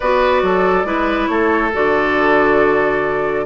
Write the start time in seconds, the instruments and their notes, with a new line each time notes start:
0.00 bassoon B3, clarinet F#4, oboe B4, flute D5
0.42 bassoon F#3, oboe A4
0.84 bassoon G#3, clarinet E4, oboe B4
1.27 bassoon A3, oboe A4, flute C#5
1.73 bassoon D3, clarinet F#4, flute D5